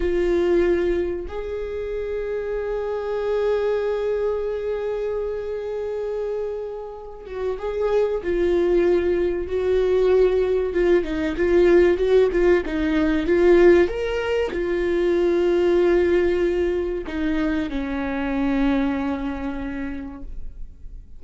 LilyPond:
\new Staff \with { instrumentName = "viola" } { \time 4/4 \tempo 4 = 95 f'2 gis'2~ | gis'1~ | gis'2.~ gis'8 fis'8 | gis'4 f'2 fis'4~ |
fis'4 f'8 dis'8 f'4 fis'8 f'8 | dis'4 f'4 ais'4 f'4~ | f'2. dis'4 | cis'1 | }